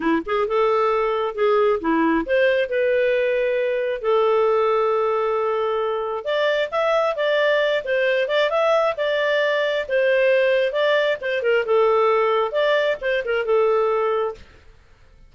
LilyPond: \new Staff \with { instrumentName = "clarinet" } { \time 4/4 \tempo 4 = 134 e'8 gis'8 a'2 gis'4 | e'4 c''4 b'2~ | b'4 a'2.~ | a'2 d''4 e''4 |
d''4. c''4 d''8 e''4 | d''2 c''2 | d''4 c''8 ais'8 a'2 | d''4 c''8 ais'8 a'2 | }